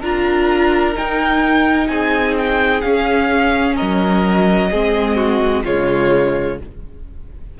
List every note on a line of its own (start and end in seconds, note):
0.00 0.95 D4
0.00 0.94 F4
0.00 1.88 A#4
0.00 0.97 A#5
0.94 2.81 D#4
0.94 1.89 D#4
0.94 1.88 G5
1.88 2.83 C4
1.88 3.76 G#4
1.88 2.34 G#5
2.38 2.81 G5
2.81 4.71 C#4
2.81 3.77 C#4
2.81 3.75 F5
3.76 4.71 F#3
3.76 4.70 A#4
3.76 5.64 D#5
4.71 5.65 G#3
4.71 5.65 C4
4.71 5.16 G#4
5.16 5.63 F#4
5.64 6.60 C#3
5.64 6.59 G#3
5.64 6.58 F4
5.64 6.59 C#5